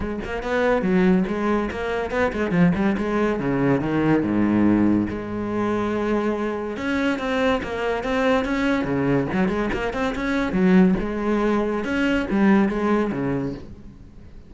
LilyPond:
\new Staff \with { instrumentName = "cello" } { \time 4/4 \tempo 4 = 142 gis8 ais8 b4 fis4 gis4 | ais4 b8 gis8 f8 g8 gis4 | cis4 dis4 gis,2 | gis1 |
cis'4 c'4 ais4 c'4 | cis'4 cis4 fis8 gis8 ais8 c'8 | cis'4 fis4 gis2 | cis'4 g4 gis4 cis4 | }